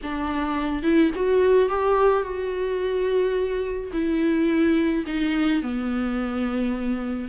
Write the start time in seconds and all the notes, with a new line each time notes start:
0.03 D4
0.83 E4
1.15 F#4
1.69 G4
2.23 F#4
3.92 E4
5.06 D#4
5.62 B3